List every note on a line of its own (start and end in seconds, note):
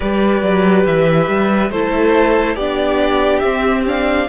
0.00 0.42 G3
0.00 1.68 G4
0.00 1.71 B4
0.00 0.86 D5
0.42 0.85 F#3
0.85 1.28 E3
0.85 1.71 E5
1.28 1.69 G3
1.69 2.55 A3
1.69 2.59 E4
1.69 2.56 A4
1.69 2.55 C5
2.55 3.41 B3
2.55 3.44 D4
2.55 4.27 G4
2.55 3.38 D5
3.38 4.28 C4
3.38 3.86 C4
3.38 3.81 E5
3.86 4.28 D4
3.86 4.28 F5